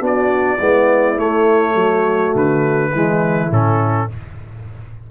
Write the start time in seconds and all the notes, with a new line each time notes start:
0.00 B3 D4 F#4
0.06 D5
0.58 G#3 B3 E4
1.17 A3 C#5
1.75 F#3 F#4
2.35 D3 B4
2.91 E3 G#3 E4
3.51 A2 C#4 A4